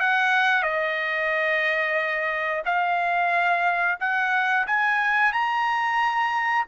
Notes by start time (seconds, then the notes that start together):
0.00 F#5
0.63 D#5
2.65 F5
4.00 F#5
4.67 G#5
5.33 A#5